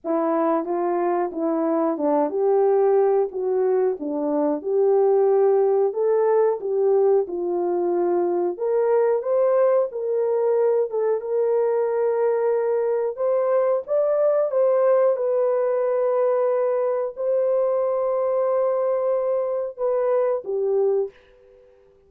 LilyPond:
\new Staff \with { instrumentName = "horn" } { \time 4/4 \tempo 4 = 91 e'4 f'4 e'4 d'8 g'8~ | g'4 fis'4 d'4 g'4~ | g'4 a'4 g'4 f'4~ | f'4 ais'4 c''4 ais'4~ |
ais'8 a'8 ais'2. | c''4 d''4 c''4 b'4~ | b'2 c''2~ | c''2 b'4 g'4 | }